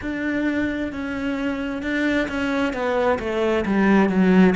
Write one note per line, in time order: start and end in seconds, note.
0.01 0.92 D4
0.92 1.82 C#4
1.82 2.27 D4
2.28 2.73 C#4
2.73 3.18 B3
3.19 3.64 A3
3.65 4.09 G3
4.09 4.54 F#3